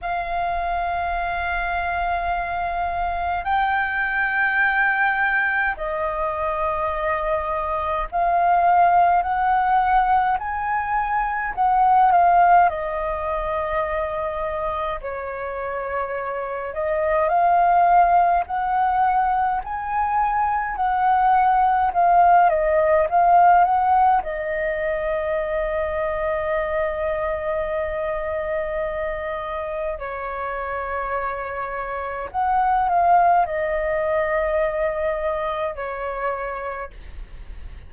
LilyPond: \new Staff \with { instrumentName = "flute" } { \time 4/4 \tempo 4 = 52 f''2. g''4~ | g''4 dis''2 f''4 | fis''4 gis''4 fis''8 f''8 dis''4~ | dis''4 cis''4. dis''8 f''4 |
fis''4 gis''4 fis''4 f''8 dis''8 | f''8 fis''8 dis''2.~ | dis''2 cis''2 | fis''8 f''8 dis''2 cis''4 | }